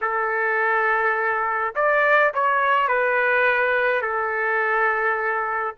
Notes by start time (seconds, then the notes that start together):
0.01 A4
1.75 D5
2.33 C#5
2.87 B4
4.01 A4